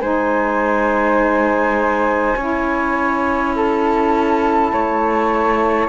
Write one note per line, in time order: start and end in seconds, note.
0.00 2.35 G#3
0.00 2.37 D#4
0.00 2.37 C5
0.00 3.54 G#5
2.37 4.72 C#4
2.37 5.89 E4
2.37 3.54 C#5
3.55 4.73 A4
3.55 5.89 A5
4.73 5.89 A3
4.73 5.89 C#5